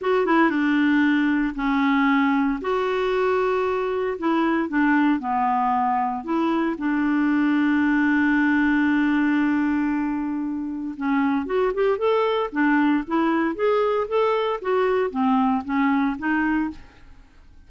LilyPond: \new Staff \with { instrumentName = "clarinet" } { \time 4/4 \tempo 4 = 115 fis'8 e'8 d'2 cis'4~ | cis'4 fis'2. | e'4 d'4 b2 | e'4 d'2.~ |
d'1~ | d'4 cis'4 fis'8 g'8 a'4 | d'4 e'4 gis'4 a'4 | fis'4 c'4 cis'4 dis'4 | }